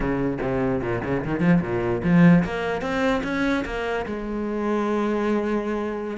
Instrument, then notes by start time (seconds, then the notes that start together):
cello
0.00 C#3
0.41 C3
0.81 A#2
1.04 C#3
1.24 D#3
1.40 F3
1.61 A#2
2.03 F3
2.44 A#3
2.81 C4
3.23 C#4
3.65 A#3
4.06 G#3